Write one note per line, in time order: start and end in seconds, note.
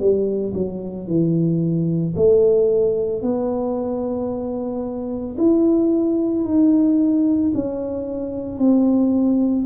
0.00 0.54 G3
0.55 1.08 F#3
1.08 2.15 E3
2.17 3.22 A3
3.22 5.37 B3
5.38 6.45 E4
6.45 7.52 D#4
7.55 8.59 C#4
8.59 9.66 C4